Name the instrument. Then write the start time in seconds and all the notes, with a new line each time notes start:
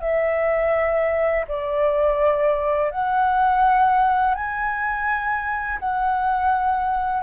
flute
0.00 E5
1.48 D5
2.91 F#5
4.34 G#5
5.79 F#5